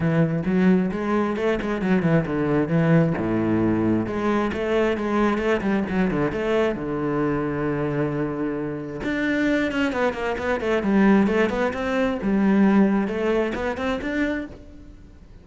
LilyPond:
\new Staff \with { instrumentName = "cello" } { \time 4/4 \tempo 4 = 133 e4 fis4 gis4 a8 gis8 | fis8 e8 d4 e4 a,4~ | a,4 gis4 a4 gis4 | a8 g8 fis8 d8 a4 d4~ |
d1 | d'4. cis'8 b8 ais8 b8 a8 | g4 a8 b8 c'4 g4~ | g4 a4 b8 c'8 d'4 | }